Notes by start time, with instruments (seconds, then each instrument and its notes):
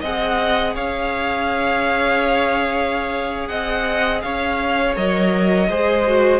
0.00 cello C4, viola G#4, violin D#5 F#5
0.74 cello C#4, violin C#5 F5
3.47 cello C4, violin D#5 F#5
4.21 cello C#4, violin C#5 F5
4.95 cello F#3, viola A#4, violin D#5
5.68 cello G#3, viola G#4, violin C5
6.06 viola F#4